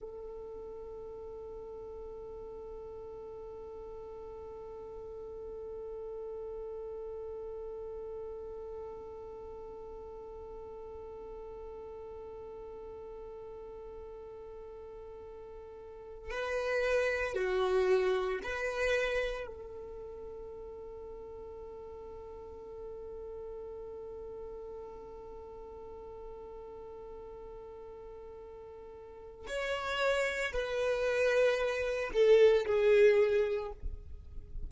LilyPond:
\new Staff \with { instrumentName = "violin" } { \time 4/4 \tempo 4 = 57 a'1~ | a'1~ | a'1~ | a'2.~ a'8 b'8~ |
b'8 fis'4 b'4 a'4.~ | a'1~ | a'1 | cis''4 b'4. a'8 gis'4 | }